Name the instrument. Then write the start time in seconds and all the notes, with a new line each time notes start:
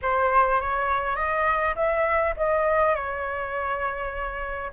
flute
0.02 C5
0.60 C#5
1.16 D#5
1.75 E5
2.36 D#5
2.95 C#5